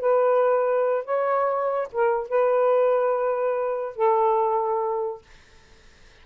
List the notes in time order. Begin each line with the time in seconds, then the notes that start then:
0.00 B4
1.05 C#5
1.92 A#4
2.29 B4
3.96 A4